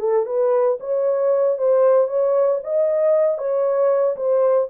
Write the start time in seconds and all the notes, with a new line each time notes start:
0.00 A4
0.26 B4
0.80 C#5
1.58 C5
2.08 C#5
2.64 D#5
3.38 C#5
4.16 C5